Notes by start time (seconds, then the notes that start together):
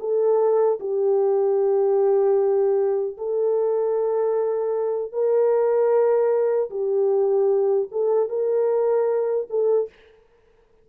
0.00 A4
0.80 G4
3.18 A4
5.12 A#4
6.70 G4
7.92 A4
8.29 A#4
9.50 A4